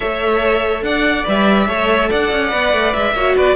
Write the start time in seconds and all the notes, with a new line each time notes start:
0.00 A3 A4 C#5 E5
0.82 D4 D5 F#5
1.24 G3 B4 E5
1.67 A3 A4 C#5
2.09 D4 D5 F#5
2.31 C#4
2.49 B3 B4
2.73 A3
2.93 G#3 E5
3.13 A#3 F#4 C#5
3.35 B3 B4 D5